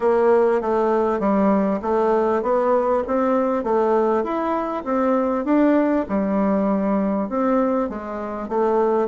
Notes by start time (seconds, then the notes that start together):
0.00 A#3
0.61 A3
1.19 G3
1.82 A3
2.42 B3
3.07 C4
3.63 A3
4.23 E4
4.84 C4
5.45 D4
6.09 G3
7.29 C4
7.89 G#3
8.48 A3